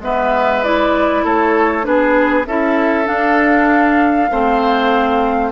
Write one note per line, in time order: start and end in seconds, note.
0.00 1.22 G#3
0.00 0.64 B3
0.00 1.24 B4
0.00 0.63 E5
0.63 1.82 E4
0.63 1.24 D5
1.24 1.86 A3
1.24 1.85 A4
1.24 1.85 C#5
1.82 2.46 B3
1.82 2.44 D4
1.82 2.47 G#4
1.82 2.46 B4
2.46 3.07 C#4
2.46 3.05 E4
2.46 4.30 A4
2.46 3.07 E5
3.05 4.27 D4
3.05 4.30 D4
3.05 5.52 F5
4.30 5.52 A3
4.30 5.52 C4
4.30 5.52 C5